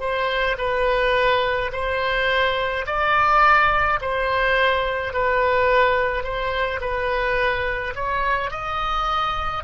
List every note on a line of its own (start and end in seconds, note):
0.00 0.57 C5
0.58 1.71 B4
1.72 2.86 C5
2.87 4.00 D5
4.01 5.14 C5
5.14 6.24 B4
6.24 6.80 C5
6.81 7.95 B4
7.96 8.51 C#5
8.51 9.64 D#5